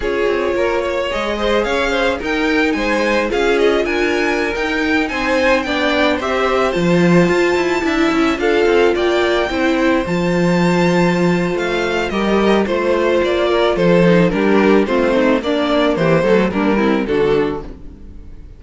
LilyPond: <<
  \new Staff \with { instrumentName = "violin" } { \time 4/4 \tempo 4 = 109 cis''2 dis''4 f''4 | g''4 gis''4 f''8 dis''8 gis''4~ | gis''16 g''4 gis''4 g''4 e''8.~ | e''16 a''2. f''8.~ |
f''16 g''2 a''4.~ a''16~ | a''4 f''4 dis''4 c''4 | d''4 c''4 ais'4 c''4 | d''4 c''4 ais'4 a'4 | }
  \new Staff \with { instrumentName = "violin" } { \time 4/4 gis'4 ais'8 cis''4 c''8 cis''8 c''8 | ais'4 c''4 gis'4 ais'4~ | ais'4~ ais'16 c''4 d''4 c''8.~ | c''2~ c''16 e''4 a'8.~ |
a'16 d''4 c''2~ c''8.~ | c''2 ais'4 c''4~ | c''8 ais'8 a'4 g'4 f'8 dis'8 | d'4 g'8 a'8 d'8 e'8 fis'4 | }
  \new Staff \with { instrumentName = "viola" } { \time 4/4 f'2 gis'2 | dis'2 f'2~ | f'16 dis'2 d'4 g'8.~ | g'16 f'2 e'4 f'8.~ |
f'4~ f'16 e'4 f'4.~ f'16~ | f'2 g'4 f'4~ | f'4. dis'8 d'4 c'4 | ais4. a8 ais8 c'8 d'4 | }
  \new Staff \with { instrumentName = "cello" } { \time 4/4 cis'8 c'8 ais4 gis4 cis'4 | dis'4 gis4 cis'4 d'4~ | d'16 dis'4 c'4 b4 c'8.~ | c'16 f4 f'8 e'8 d'8 cis'8 d'8 c'16~ |
c'16 ais4 c'4 f4.~ f16~ | f4 a4 g4 a4 | ais4 f4 g4 a4 | ais4 e8 fis8 g4 d4 | }
>>